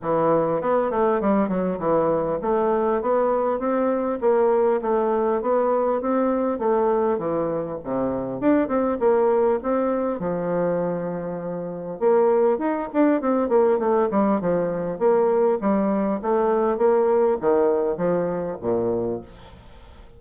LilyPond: \new Staff \with { instrumentName = "bassoon" } { \time 4/4 \tempo 4 = 100 e4 b8 a8 g8 fis8 e4 | a4 b4 c'4 ais4 | a4 b4 c'4 a4 | e4 c4 d'8 c'8 ais4 |
c'4 f2. | ais4 dis'8 d'8 c'8 ais8 a8 g8 | f4 ais4 g4 a4 | ais4 dis4 f4 ais,4 | }